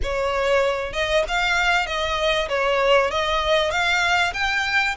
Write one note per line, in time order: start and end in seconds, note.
0.03 0.93 C#5
0.93 1.23 D#5
1.28 1.86 F5
1.86 2.48 D#5
2.49 3.10 C#5
3.10 3.70 D#5
3.70 4.32 F5
4.33 4.95 G5